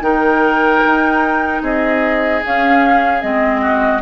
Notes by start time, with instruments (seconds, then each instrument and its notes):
0.00 bassoon D#3, clarinet D#4, oboe A#4, flute G5
0.85 bassoon D#4
1.62 bassoon C4, oboe G#4, flute D#5
2.43 clarinet C#4, bassoon C#4, flute F5
3.21 bassoon G#3, clarinet C4, flute D#5
3.61 oboe F#4